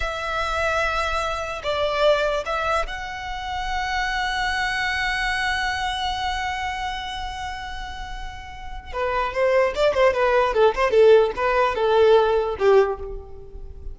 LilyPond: \new Staff \with { instrumentName = "violin" } { \time 4/4 \tempo 4 = 148 e''1 | d''2 e''4 fis''4~ | fis''1~ | fis''1~ |
fis''1~ | fis''2 b'4 c''4 | d''8 c''8 b'4 a'8 c''8 a'4 | b'4 a'2 g'4 | }